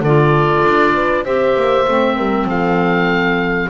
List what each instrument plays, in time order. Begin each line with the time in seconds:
0.00 double bass D3, clarinet F4, horn A4, oboe D5
0.64 double bass D4
0.94 horn B4
1.25 double bass C4, clarinet G4, horn C5, oboe E5
1.56 double bass A#3
1.88 double bass A3, clarinet C4
2.16 double bass G3, horn A#4
2.45 double bass F3, horn A4, oboe F5